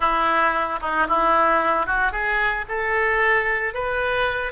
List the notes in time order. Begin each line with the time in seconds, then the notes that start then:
0.00 E4
0.80 D#4
1.08 E4
1.86 F#4
2.12 G#4
2.68 A4
3.73 B4